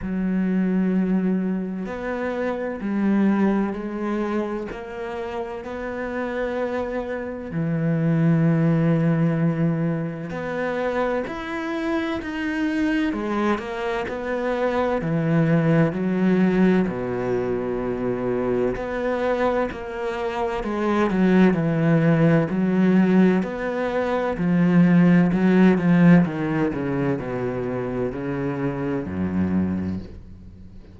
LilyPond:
\new Staff \with { instrumentName = "cello" } { \time 4/4 \tempo 4 = 64 fis2 b4 g4 | gis4 ais4 b2 | e2. b4 | e'4 dis'4 gis8 ais8 b4 |
e4 fis4 b,2 | b4 ais4 gis8 fis8 e4 | fis4 b4 f4 fis8 f8 | dis8 cis8 b,4 cis4 fis,4 | }